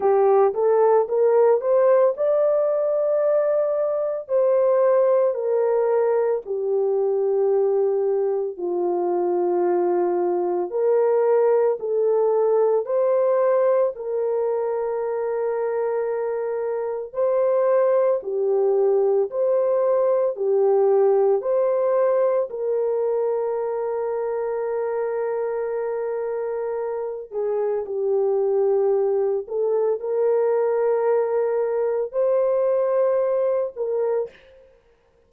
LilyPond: \new Staff \with { instrumentName = "horn" } { \time 4/4 \tempo 4 = 56 g'8 a'8 ais'8 c''8 d''2 | c''4 ais'4 g'2 | f'2 ais'4 a'4 | c''4 ais'2. |
c''4 g'4 c''4 g'4 | c''4 ais'2.~ | ais'4. gis'8 g'4. a'8 | ais'2 c''4. ais'8 | }